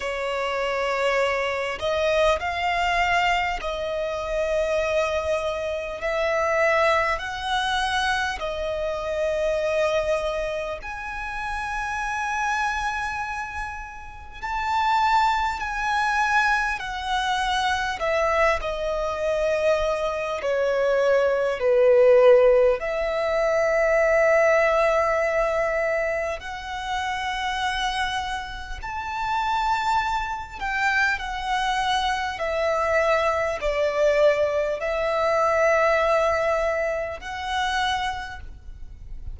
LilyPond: \new Staff \with { instrumentName = "violin" } { \time 4/4 \tempo 4 = 50 cis''4. dis''8 f''4 dis''4~ | dis''4 e''4 fis''4 dis''4~ | dis''4 gis''2. | a''4 gis''4 fis''4 e''8 dis''8~ |
dis''4 cis''4 b'4 e''4~ | e''2 fis''2 | a''4. g''8 fis''4 e''4 | d''4 e''2 fis''4 | }